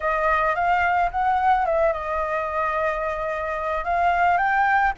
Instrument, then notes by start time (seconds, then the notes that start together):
flute
0.00 D#5
0.55 F5
1.11 F#5
1.65 E5
1.92 D#5
3.84 F5
4.37 G5